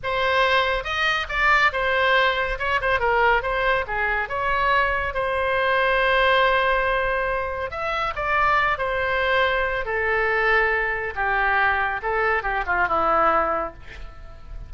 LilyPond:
\new Staff \with { instrumentName = "oboe" } { \time 4/4 \tempo 4 = 140 c''2 dis''4 d''4 | c''2 cis''8 c''8 ais'4 | c''4 gis'4 cis''2 | c''1~ |
c''2 e''4 d''4~ | d''8 c''2~ c''8 a'4~ | a'2 g'2 | a'4 g'8 f'8 e'2 | }